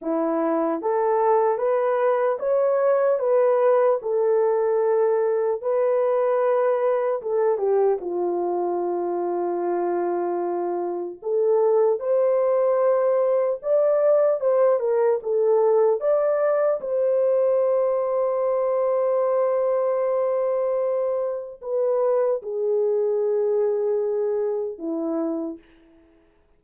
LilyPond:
\new Staff \with { instrumentName = "horn" } { \time 4/4 \tempo 4 = 75 e'4 a'4 b'4 cis''4 | b'4 a'2 b'4~ | b'4 a'8 g'8 f'2~ | f'2 a'4 c''4~ |
c''4 d''4 c''8 ais'8 a'4 | d''4 c''2.~ | c''2. b'4 | gis'2. e'4 | }